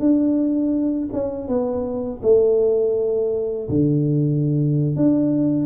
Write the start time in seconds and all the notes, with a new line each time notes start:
0.00 D4
1.13 C#4
1.48 B3
2.23 A3
3.70 D3
4.97 D4